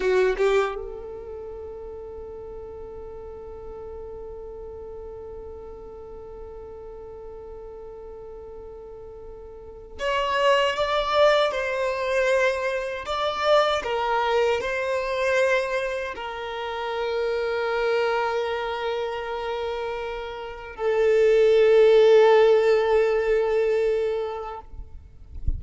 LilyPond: \new Staff \with { instrumentName = "violin" } { \time 4/4 \tempo 4 = 78 fis'8 g'8 a'2.~ | a'1~ | a'1~ | a'4 cis''4 d''4 c''4~ |
c''4 d''4 ais'4 c''4~ | c''4 ais'2.~ | ais'2. a'4~ | a'1 | }